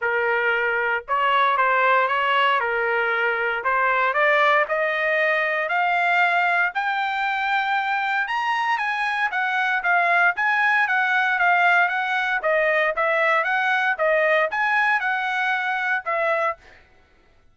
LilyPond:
\new Staff \with { instrumentName = "trumpet" } { \time 4/4 \tempo 4 = 116 ais'2 cis''4 c''4 | cis''4 ais'2 c''4 | d''4 dis''2 f''4~ | f''4 g''2. |
ais''4 gis''4 fis''4 f''4 | gis''4 fis''4 f''4 fis''4 | dis''4 e''4 fis''4 dis''4 | gis''4 fis''2 e''4 | }